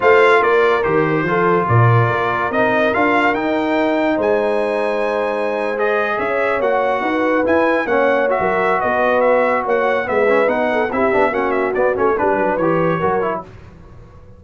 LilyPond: <<
  \new Staff \with { instrumentName = "trumpet" } { \time 4/4 \tempo 4 = 143 f''4 d''4 c''2 | d''2 dis''4 f''4 | g''2 gis''2~ | gis''4.~ gis''16 dis''4 e''4 fis''16~ |
fis''4.~ fis''16 gis''4 fis''4 e''16~ | e''4 dis''4 e''4 fis''4 | e''4 fis''4 e''4 fis''8 e''8 | d''8 cis''8 b'4 cis''2 | }
  \new Staff \with { instrumentName = "horn" } { \time 4/4 c''4 ais'2 a'4 | ais'1~ | ais'2 c''2~ | c''2~ c''8. cis''4~ cis''16~ |
cis''8. b'2 cis''4~ cis''16 | ais'4 b'2 cis''4 | b'4. a'8 g'4 fis'4~ | fis'4 b'2 ais'4 | }
  \new Staff \with { instrumentName = "trombone" } { \time 4/4 f'2 g'4 f'4~ | f'2 dis'4 f'4 | dis'1~ | dis'4.~ dis'16 gis'2 fis'16~ |
fis'4.~ fis'16 e'4 cis'4 fis'16~ | fis'1 | b8 cis'8 dis'4 e'8 d'8 cis'4 | b8 cis'8 d'4 g'4 fis'8 e'8 | }
  \new Staff \with { instrumentName = "tuba" } { \time 4/4 a4 ais4 dis4 f4 | ais,4 ais4 c'4 d'4 | dis'2 gis2~ | gis2~ gis8. cis'4 ais16~ |
ais8. dis'4 e'4 ais4~ ais16 | fis4 b2 ais4 | gis4 b4 c'8 b8 ais4 | b8 a8 g8 fis8 e4 fis4 | }
>>